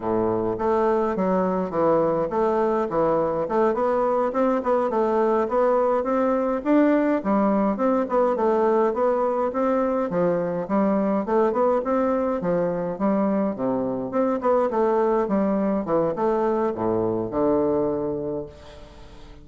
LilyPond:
\new Staff \with { instrumentName = "bassoon" } { \time 4/4 \tempo 4 = 104 a,4 a4 fis4 e4 | a4 e4 a8 b4 c'8 | b8 a4 b4 c'4 d'8~ | d'8 g4 c'8 b8 a4 b8~ |
b8 c'4 f4 g4 a8 | b8 c'4 f4 g4 c8~ | c8 c'8 b8 a4 g4 e8 | a4 a,4 d2 | }